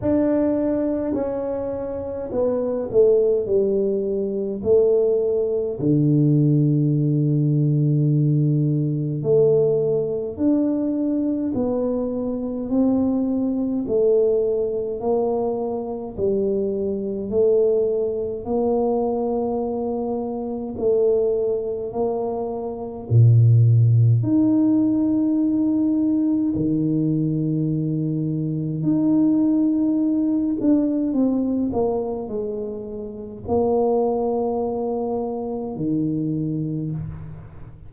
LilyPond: \new Staff \with { instrumentName = "tuba" } { \time 4/4 \tempo 4 = 52 d'4 cis'4 b8 a8 g4 | a4 d2. | a4 d'4 b4 c'4 | a4 ais4 g4 a4 |
ais2 a4 ais4 | ais,4 dis'2 dis4~ | dis4 dis'4. d'8 c'8 ais8 | gis4 ais2 dis4 | }